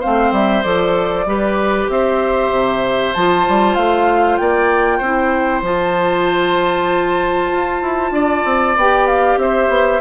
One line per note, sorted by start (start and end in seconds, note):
0.00 0.32 A3
0.00 0.65 C4
0.00 1.25 C5
0.00 0.33 F5
0.32 0.64 G3
0.32 0.63 E5
0.63 1.26 F3
0.63 1.27 A4
0.63 1.88 D5
1.26 1.89 G3
1.26 3.15 G4
1.26 1.91 B4
1.89 2.51 C4
1.89 4.41 C5
1.89 3.14 E5
2.51 3.14 C3
3.14 3.47 F3
3.14 5.04 F4
3.14 3.75 A5
3.49 3.77 G3
3.75 4.39 A3
3.75 4.37 F5
4.37 5.01 A#3
4.37 4.98 D5
4.37 5.62 G5
4.98 5.62 C4
4.98 5.65 E4
4.98 8.11 C5
5.62 7.50 F3
5.62 8.77 F4
5.62 8.78 A5
7.52 7.83 F4
7.83 8.11 E4
8.11 8.43 D4
8.11 9.39 D5
8.45 8.77 C4
8.77 9.37 B3
8.77 10.01 G4
8.77 9.07 G5
9.07 9.39 F5
9.37 9.68 C4
9.37 10.01 C5
9.37 10.01 E5
9.69 10.00 B3